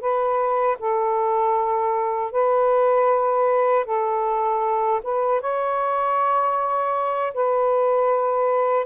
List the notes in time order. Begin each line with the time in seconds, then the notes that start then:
0.00 B4
0.79 A4
2.31 B4
3.85 A4
5.03 B4
5.41 C#5
7.34 B4